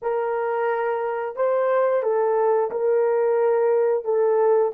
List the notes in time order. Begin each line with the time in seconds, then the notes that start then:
0.02 A#4
1.36 C5
2.02 A4
2.70 A#4
4.04 A4